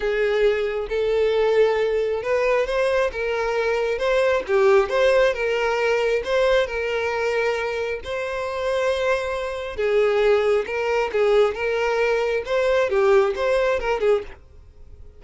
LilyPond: \new Staff \with { instrumentName = "violin" } { \time 4/4 \tempo 4 = 135 gis'2 a'2~ | a'4 b'4 c''4 ais'4~ | ais'4 c''4 g'4 c''4 | ais'2 c''4 ais'4~ |
ais'2 c''2~ | c''2 gis'2 | ais'4 gis'4 ais'2 | c''4 g'4 c''4 ais'8 gis'8 | }